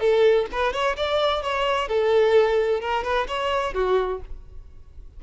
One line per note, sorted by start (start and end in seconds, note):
0.00 0.47 A4
0.52 0.73 B4
0.73 0.96 C#5
0.97 1.42 D5
1.42 1.88 C#5
1.88 2.81 A4
2.81 3.04 A#4
3.04 3.27 B4
3.28 3.74 C#5
3.74 4.21 F#4